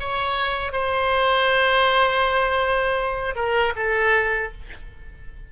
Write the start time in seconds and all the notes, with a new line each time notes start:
0.00 C#5
0.72 C5
3.36 A#4
3.76 A4